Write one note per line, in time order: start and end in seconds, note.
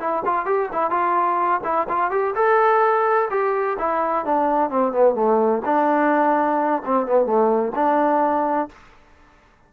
0.00 0.23 E4
0.26 0.46 F4
0.46 0.70 G4
0.73 0.91 E4
0.91 1.61 F4
1.64 1.88 E4
1.89 2.11 F4
2.11 2.35 G4
2.36 3.29 A4
3.31 3.78 G4
3.79 4.26 E4
4.26 4.70 D4
4.70 4.93 C4
4.93 5.15 B3
5.15 5.62 A3
5.66 6.83 D4
6.86 7.07 C4
7.07 7.26 B3
7.26 7.73 A3
7.76 8.70 D4